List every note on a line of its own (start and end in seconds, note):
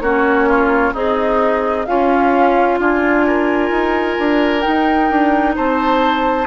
0.00 0.92 A#3
0.00 0.94 C#4
0.00 0.48 F#4
0.00 0.93 C#5
0.48 0.93 F4
0.93 1.86 C4
0.93 1.85 D#4
0.93 1.86 G#4
0.93 1.85 D#5
1.85 2.79 C#4
1.85 4.61 F4
1.85 2.78 F5
2.79 3.70 D4
2.79 3.25 F4
2.79 4.60 G#5
3.26 5.55 A#4
3.70 4.16 D#4
4.18 4.65 D4
4.60 6.45 D#4
4.60 5.53 G5
4.67 5.10 D#4
5.10 5.56 D4
5.55 6.46 C4
5.55 6.46 C5
5.55 6.46 A5